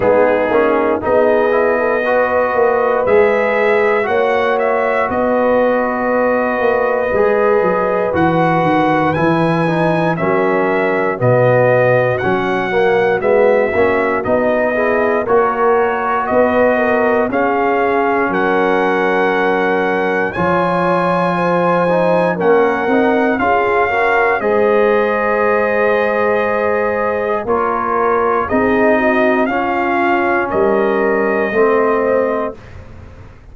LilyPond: <<
  \new Staff \with { instrumentName = "trumpet" } { \time 4/4 \tempo 4 = 59 gis'4 dis''2 e''4 | fis''8 e''8 dis''2. | fis''4 gis''4 e''4 dis''4 | fis''4 e''4 dis''4 cis''4 |
dis''4 f''4 fis''2 | gis''2 fis''4 f''4 | dis''2. cis''4 | dis''4 f''4 dis''2 | }
  \new Staff \with { instrumentName = "horn" } { \time 4/4 dis'4 gis'8. a'16 b'2 | cis''4 b'2.~ | b'2 ais'4 fis'4~ | fis'2~ fis'8 gis'8 ais'4 |
b'8 ais'8 gis'4 ais'2 | cis''4 c''4 ais'4 gis'8 ais'8 | c''2. ais'4 | gis'8 fis'8 f'4 ais'4 c''4 | }
  \new Staff \with { instrumentName = "trombone" } { \time 4/4 b8 cis'8 dis'8 e'8 fis'4 gis'4 | fis'2. gis'4 | fis'4 e'8 dis'8 cis'4 b4 | cis'8 ais8 b8 cis'8 dis'8 e'8 fis'4~ |
fis'4 cis'2. | f'4. dis'8 cis'8 dis'8 f'8 fis'8 | gis'2. f'4 | dis'4 cis'2 c'4 | }
  \new Staff \with { instrumentName = "tuba" } { \time 4/4 gis8 ais8 b4. ais8 gis4 | ais4 b4. ais8 gis8 fis8 | e8 dis8 e4 fis4 b,4 | fis4 gis8 ais8 b4 ais4 |
b4 cis'4 fis2 | f2 ais8 c'8 cis'4 | gis2. ais4 | c'4 cis'4 g4 a4 | }
>>